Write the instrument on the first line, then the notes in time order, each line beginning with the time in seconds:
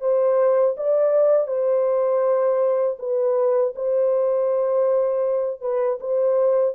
horn
0.00 C5
0.77 D5
1.47 C5
2.98 B4
3.75 C5
5.61 B4
6.00 C5